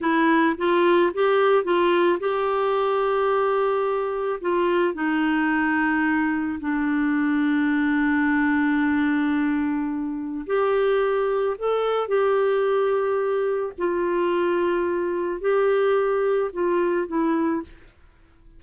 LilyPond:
\new Staff \with { instrumentName = "clarinet" } { \time 4/4 \tempo 4 = 109 e'4 f'4 g'4 f'4 | g'1 | f'4 dis'2. | d'1~ |
d'2. g'4~ | g'4 a'4 g'2~ | g'4 f'2. | g'2 f'4 e'4 | }